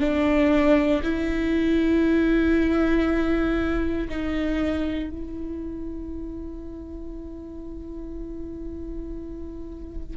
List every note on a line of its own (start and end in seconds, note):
0.00 1.02 D4
1.03 4.08 E4
4.09 5.10 D#4
5.10 10.17 E4